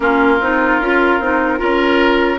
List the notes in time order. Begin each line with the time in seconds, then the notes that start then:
0.00 A#3 C#4 F4 A#4
0.40 C4 D#4
0.80 C#4 F4
1.19 C4 D#4
1.57 C#4 F4 A#4